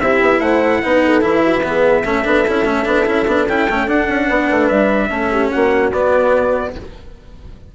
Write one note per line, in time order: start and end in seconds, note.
0.00 0.21 C4
0.00 0.83 E4
0.00 0.41 G4
0.00 0.40 E5
0.21 0.39 B3
0.39 0.80 A3
0.39 0.82 C5
0.39 1.22 F#5
0.82 1.22 B3
0.82 1.21 D#4
0.82 1.03 B4
1.04 1.43 A4
1.21 2.03 E3
1.21 1.62 E4
1.21 3.48 E5
1.43 1.64 F#4
1.63 2.04 B3
1.63 2.06 G#4
2.05 2.26 A3
2.05 2.24 C#4
2.05 4.26 A4
2.24 2.46 B3
2.24 2.45 D4
2.48 2.65 C#4
2.48 2.65 E4
2.65 2.85 A3
2.65 2.85 C#4
2.85 3.06 B3
2.85 3.06 D4
3.06 3.27 C#4
3.06 3.26 E4
3.27 3.48 B3
3.27 3.48 D4
3.48 3.68 C#4
3.48 3.69 E4
3.48 3.89 G5
3.69 3.87 A3
3.69 3.88 C#4
3.87 4.08 D4
3.87 5.10 D4
3.87 4.68 F#5
4.08 4.29 C#4
4.26 4.50 B3
4.26 5.08 B4
4.51 4.70 A3
4.68 5.10 G3
4.68 5.49 E5
5.10 5.50 A3
5.10 5.91 C#4
5.10 5.31 A4
5.31 5.51 G4
5.51 5.92 A#3
5.51 6.74 F#4
5.51 5.91 F#5
5.92 6.74 B3
5.92 6.75 B3
5.92 6.74 D5